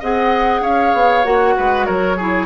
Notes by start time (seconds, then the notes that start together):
0.00 C4 G#4 D#5 F#5
0.61 C#4 C#5 F5
0.94 B3
1.24 A#3 F#4 F#5
1.57 G#3 B4
1.86 F#3 A#4 C#5
2.17 E4 G#4